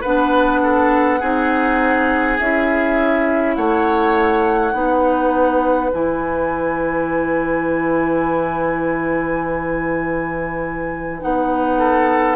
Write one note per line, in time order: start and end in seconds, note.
0.00 1.21 B3
0.00 1.20 D4
0.00 0.59 B4
0.00 2.38 F#5
0.62 1.19 A4
1.19 2.39 C4
1.19 2.38 D#4
1.19 3.55 G#4
2.39 3.57 C#4
2.39 4.72 E4
2.39 3.55 E5
3.55 4.73 A3
3.55 4.73 C#5
3.55 5.90 F#5
4.72 5.91 B3
4.72 5.90 D#4
4.72 11.78 B4
5.93 11.22 E3
5.93 11.20 E4
5.93 11.22 G#5
11.20 12.35 B3
11.20 12.35 D#4
11.20 12.35 F#5
11.78 12.35 A4